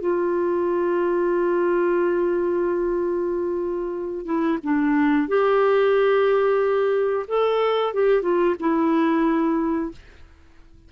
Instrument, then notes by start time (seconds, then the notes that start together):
clarinet
0.00 F4
4.25 E4
4.63 D4
5.28 G4
7.27 A4
7.94 G4
8.22 F4
8.60 E4